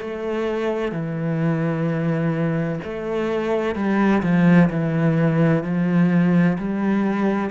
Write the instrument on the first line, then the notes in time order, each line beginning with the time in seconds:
cello
0.00 A3
0.91 E3
2.83 A3
3.75 G3
4.22 F3
4.70 E3
5.63 F3
6.58 G3